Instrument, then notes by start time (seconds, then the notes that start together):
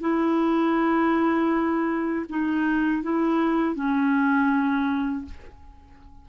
clarinet
0.00 E4
2.29 D#4
3.03 E4
3.75 C#4